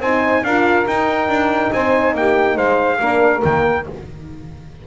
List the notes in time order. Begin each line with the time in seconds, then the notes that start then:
0.00 C4 D#4 C5 G#5
0.43 D4 F4 A#4 F5
0.87 D#4 G5
1.29 D4
1.72 C4 C5 G#5
2.15 A#3 G4 G5
2.56 G#3 C5 F5
3.01 A#3 D4 A#4
3.41 D#3 A#3 G5